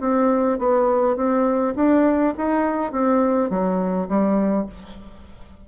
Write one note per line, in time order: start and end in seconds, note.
0.00 0.58 C4
0.58 1.16 B3
1.16 1.74 C4
1.75 2.33 D4
2.37 2.91 D#4
2.91 3.49 C4
3.49 4.08 F#3
4.08 4.66 G3